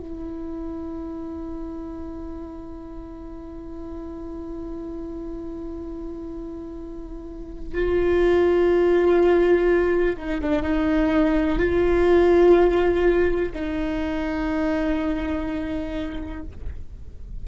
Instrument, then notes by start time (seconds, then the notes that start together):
viola
0.00 E4
7.74 F4
10.17 D#4
10.42 D4
10.63 D#4
11.59 F4
13.53 D#4